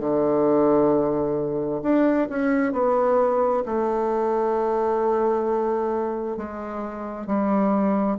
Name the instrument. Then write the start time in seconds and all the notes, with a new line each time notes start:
bassoon
0.00 D3
1.83 D4
2.30 C#4
2.73 B3
3.66 A3
6.37 G#3
7.27 G3